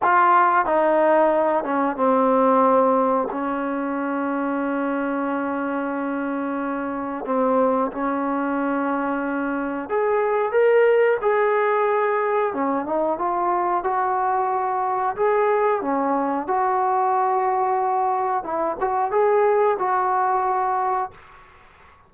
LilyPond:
\new Staff \with { instrumentName = "trombone" } { \time 4/4 \tempo 4 = 91 f'4 dis'4. cis'8 c'4~ | c'4 cis'2.~ | cis'2. c'4 | cis'2. gis'4 |
ais'4 gis'2 cis'8 dis'8 | f'4 fis'2 gis'4 | cis'4 fis'2. | e'8 fis'8 gis'4 fis'2 | }